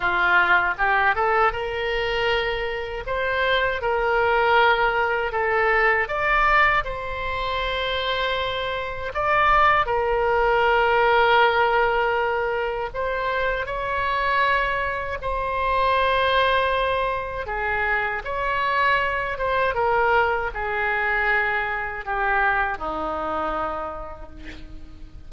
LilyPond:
\new Staff \with { instrumentName = "oboe" } { \time 4/4 \tempo 4 = 79 f'4 g'8 a'8 ais'2 | c''4 ais'2 a'4 | d''4 c''2. | d''4 ais'2.~ |
ais'4 c''4 cis''2 | c''2. gis'4 | cis''4. c''8 ais'4 gis'4~ | gis'4 g'4 dis'2 | }